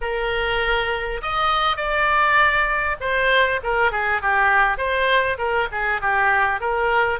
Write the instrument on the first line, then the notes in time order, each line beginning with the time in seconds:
oboe
0.01 A#4
1.22 D#5
1.76 D5
3.00 C5
3.63 A#4
3.91 G#4
4.21 G4
4.77 C5
5.38 A#4
5.71 G#4
6.01 G4
6.60 A#4